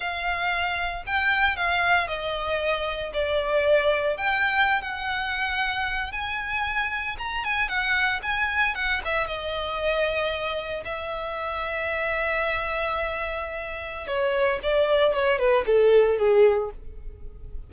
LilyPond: \new Staff \with { instrumentName = "violin" } { \time 4/4 \tempo 4 = 115 f''2 g''4 f''4 | dis''2 d''2 | g''4~ g''16 fis''2~ fis''8 gis''16~ | gis''4.~ gis''16 ais''8 gis''8 fis''4 gis''16~ |
gis''8. fis''8 e''8 dis''2~ dis''16~ | dis''8. e''2.~ e''16~ | e''2. cis''4 | d''4 cis''8 b'8 a'4 gis'4 | }